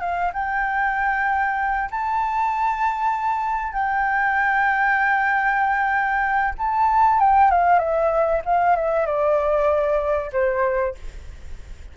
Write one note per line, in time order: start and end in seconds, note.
0.00 0.31 F5
0.33 1.89 G5
1.90 3.72 A5
3.72 6.54 G5
6.58 7.19 A5
7.19 7.50 G5
7.51 7.78 F5
7.78 8.41 E5
8.45 8.76 F5
8.76 9.05 E5
9.05 10.30 D5
10.32 10.95 C5